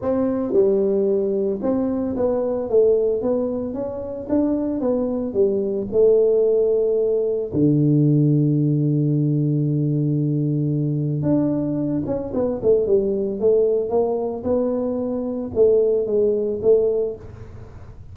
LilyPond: \new Staff \with { instrumentName = "tuba" } { \time 4/4 \tempo 4 = 112 c'4 g2 c'4 | b4 a4 b4 cis'4 | d'4 b4 g4 a4~ | a2 d2~ |
d1~ | d4 d'4. cis'8 b8 a8 | g4 a4 ais4 b4~ | b4 a4 gis4 a4 | }